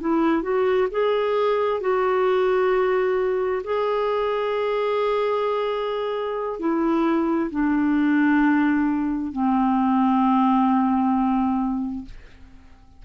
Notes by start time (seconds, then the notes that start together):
0.00 E4
0.42 F#4
0.90 G#4
1.80 F#4
3.63 G#4
6.59 E4
7.50 D4
9.32 C4